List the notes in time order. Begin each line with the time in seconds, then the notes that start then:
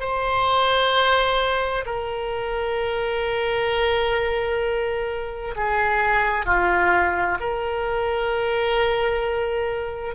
0.00 C5
1.85 A#4
5.56 G#4
6.46 F4
7.40 A#4